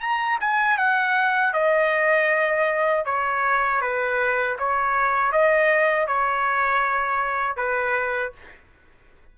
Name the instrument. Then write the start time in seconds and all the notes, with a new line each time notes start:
trumpet
0.00 A#5
0.40 G#5
0.77 F#5
1.53 D#5
3.05 C#5
3.81 B4
4.58 C#5
5.32 D#5
6.07 C#5
7.56 B4